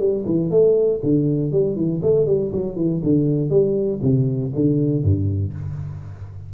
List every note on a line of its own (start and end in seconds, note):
0.00 0.25 G3
0.26 0.51 E3
0.51 1.01 A3
1.04 1.52 D3
1.52 1.76 G3
1.76 2.01 E3
2.03 2.27 A3
2.27 2.52 G3
2.52 2.76 F#3
2.76 3.01 E3
3.04 3.50 D3
3.50 4.00 G3
4.02 4.52 C3
4.55 5.04 D3
5.04 5.54 G2